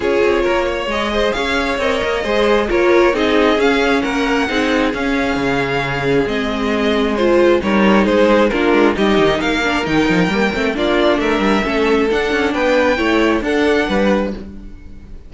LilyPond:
<<
  \new Staff \with { instrumentName = "violin" } { \time 4/4 \tempo 4 = 134 cis''2 dis''4 f''4 | dis''2 cis''4 dis''4 | f''4 fis''2 f''4~ | f''2 dis''2 |
c''4 cis''4 c''4 ais'4 | dis''4 f''4 g''2 | d''4 e''2 fis''4 | g''2 fis''2 | }
  \new Staff \with { instrumentName = "violin" } { \time 4/4 gis'4 ais'8 cis''4 c''8 cis''4~ | cis''4 c''4 ais'4 gis'4~ | gis'4 ais'4 gis'2~ | gis'1~ |
gis'4 ais'4 gis'4 f'4 | g'4 ais'2. | f'4 ais'4 a'2 | b'4 cis''4 a'4 b'4 | }
  \new Staff \with { instrumentName = "viola" } { \time 4/4 f'2 gis'2 | ais'4 gis'4 f'4 dis'4 | cis'2 dis'4 cis'4~ | cis'2 c'2 |
f'4 dis'2 d'4 | dis'4. d'8 dis'4 ais8 c'8 | d'2 cis'4 d'4~ | d'4 e'4 d'2 | }
  \new Staff \with { instrumentName = "cello" } { \time 4/4 cis'8 c'8 ais4 gis4 cis'4 | c'8 ais8 gis4 ais4 c'4 | cis'4 ais4 c'4 cis'4 | cis2 gis2~ |
gis4 g4 gis4 ais8 gis8 | g8 dis8 ais4 dis8 f8 g8 a8 | ais4 a8 g8 a4 d'8 cis'8 | b4 a4 d'4 g4 | }
>>